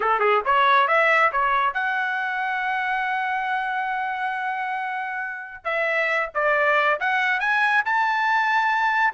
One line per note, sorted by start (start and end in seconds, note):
0.00 0.19 A4
0.19 0.41 G#4
0.45 0.87 C#5
0.87 1.31 E5
1.32 1.73 C#5
1.73 5.64 F#5
5.64 6.29 E5
6.34 6.99 D5
7.00 7.40 F#5
7.40 7.83 G#5
7.85 9.13 A5